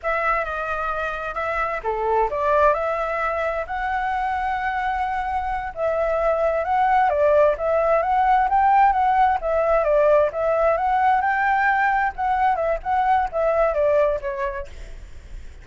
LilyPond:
\new Staff \with { instrumentName = "flute" } { \time 4/4 \tempo 4 = 131 e''4 dis''2 e''4 | a'4 d''4 e''2 | fis''1~ | fis''8 e''2 fis''4 d''8~ |
d''8 e''4 fis''4 g''4 fis''8~ | fis''8 e''4 d''4 e''4 fis''8~ | fis''8 g''2 fis''4 e''8 | fis''4 e''4 d''4 cis''4 | }